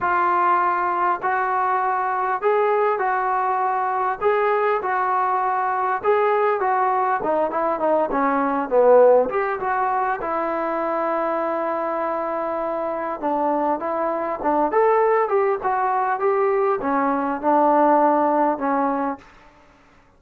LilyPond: \new Staff \with { instrumentName = "trombone" } { \time 4/4 \tempo 4 = 100 f'2 fis'2 | gis'4 fis'2 gis'4 | fis'2 gis'4 fis'4 | dis'8 e'8 dis'8 cis'4 b4 g'8 |
fis'4 e'2.~ | e'2 d'4 e'4 | d'8 a'4 g'8 fis'4 g'4 | cis'4 d'2 cis'4 | }